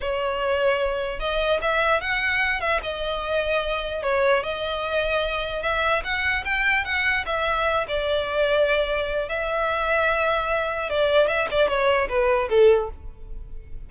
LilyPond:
\new Staff \with { instrumentName = "violin" } { \time 4/4 \tempo 4 = 149 cis''2. dis''4 | e''4 fis''4. e''8 dis''4~ | dis''2 cis''4 dis''4~ | dis''2 e''4 fis''4 |
g''4 fis''4 e''4. d''8~ | d''2. e''4~ | e''2. d''4 | e''8 d''8 cis''4 b'4 a'4 | }